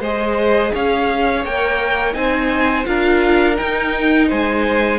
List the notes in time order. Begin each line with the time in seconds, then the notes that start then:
0.00 G#3 G#4 C5 D#5
0.73 C#4 C#5 F5
1.45 A#3 A#4 G5
2.13 C4 D#4 C5 G#5
2.85 D4 F4 A#4 F5
3.56 D#4 G5
4.28 G#3 C5 G#5